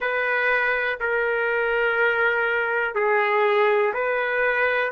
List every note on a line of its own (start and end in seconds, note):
0.00 0.99 B4
1.00 2.94 A#4
2.94 3.93 G#4
3.93 4.92 B4